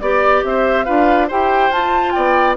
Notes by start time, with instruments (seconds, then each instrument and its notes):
0.00 bassoon B3, clarinet G4, flute D5, oboe D5
0.45 bassoon C4, oboe C5, flute E5
0.85 bassoon D4, clarinet F4, oboe B4, flute F5
1.28 bassoon E4, clarinet G4, oboe C5, flute G5
1.70 bassoon F4, clarinet F4, flute A5
2.12 bassoon B3, oboe D5, flute G5